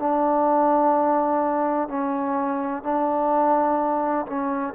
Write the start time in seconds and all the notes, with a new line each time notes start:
0.00 D4
1.89 C#4
2.84 D4
4.27 C#4